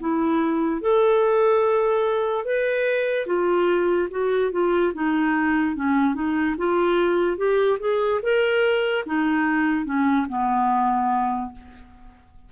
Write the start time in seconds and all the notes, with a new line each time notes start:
0.00 E4
0.81 A4
2.45 B4
3.27 F4
4.11 F#4
4.52 F4
4.94 D#4
5.76 C#4
6.15 D#4
6.58 F4
7.37 G4
7.80 G#4
8.22 A#4
9.06 D#4
9.85 C#4
10.29 B3